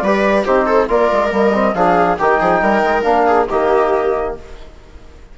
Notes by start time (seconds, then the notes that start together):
0.00 G3 G4 B4 D5
0.45 C4 D#4 G4 C5
0.66 A4
0.88 A#3 F4 A#4 D5
1.13 G#3
1.31 G3 A#3 D#5
1.53 C4
1.74 F3 D4 G#4 F5
2.18 D#3 D#4 G4 G5
2.40 F3 G#4
2.61 G3 A#4
2.84 G#3
3.03 A#3 D4 F5
3.27 G#4
3.48 D#3 A#3 G4 D#5